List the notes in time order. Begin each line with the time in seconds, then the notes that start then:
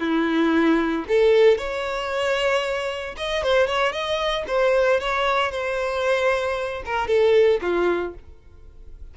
0.00 E4
1.08 A4
1.58 C#5
3.17 D#5
3.43 C5
3.67 C#5
3.92 D#5
4.48 C5
5.00 C#5
5.51 C5
6.85 A#4
7.08 A4
7.62 F4